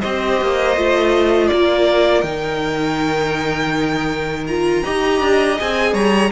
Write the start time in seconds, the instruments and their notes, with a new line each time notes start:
0.00 cello C4, viola G4, violin C5 D#5
0.41 cello A#3
0.76 cello A3, viola F4
1.47 cello A#3, violin A#4 D5
2.21 cello D#3, viola D#4, violin G5
4.47 viola F4, violin A#5
4.84 cello D#4, viola G4, violin D#5
5.20 cello D4
5.57 cello C4, viola G#4, violin G#5
5.93 cello G3, violin C#5 A#5